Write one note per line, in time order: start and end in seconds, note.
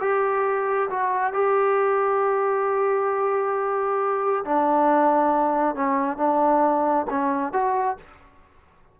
0.00 0.89 G4
0.90 1.33 F#4
1.33 4.44 G4
4.44 5.75 D4
5.75 6.17 C#4
6.17 7.05 D4
7.10 7.52 C#4
7.52 7.97 F#4